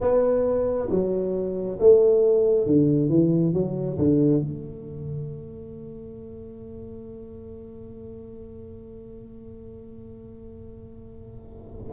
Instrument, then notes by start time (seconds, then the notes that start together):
tuba
0.00 B3
0.90 F#3
1.79 A3
2.66 D3
3.09 E3
3.53 F#3
3.98 D3
4.41 A3